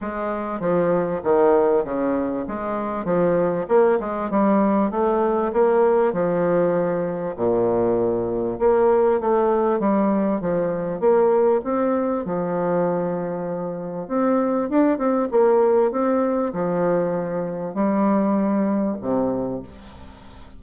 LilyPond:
\new Staff \with { instrumentName = "bassoon" } { \time 4/4 \tempo 4 = 98 gis4 f4 dis4 cis4 | gis4 f4 ais8 gis8 g4 | a4 ais4 f2 | ais,2 ais4 a4 |
g4 f4 ais4 c'4 | f2. c'4 | d'8 c'8 ais4 c'4 f4~ | f4 g2 c4 | }